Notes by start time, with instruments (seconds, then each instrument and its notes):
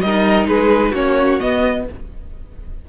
0.00 cello G3, violin A#4 D#5
0.06 viola D#4
0.46 cello G#3, violin G#4 B4
0.90 cello A#3, viola C#4, violin F#4 C#5
1.39 viola B3, cello B3, violin D#5